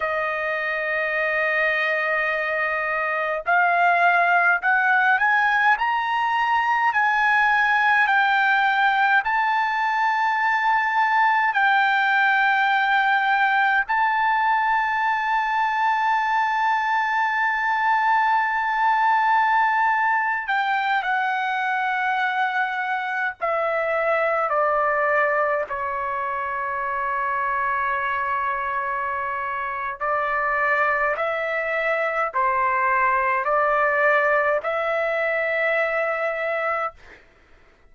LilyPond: \new Staff \with { instrumentName = "trumpet" } { \time 4/4 \tempo 4 = 52 dis''2. f''4 | fis''8 gis''8 ais''4 gis''4 g''4 | a''2 g''2 | a''1~ |
a''4.~ a''16 g''8 fis''4.~ fis''16~ | fis''16 e''4 d''4 cis''4.~ cis''16~ | cis''2 d''4 e''4 | c''4 d''4 e''2 | }